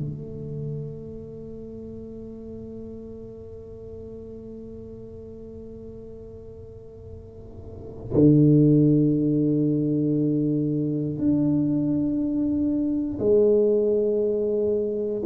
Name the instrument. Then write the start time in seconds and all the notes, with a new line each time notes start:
tuba
0.00 A3
8.14 D3
11.19 D4
13.20 G#3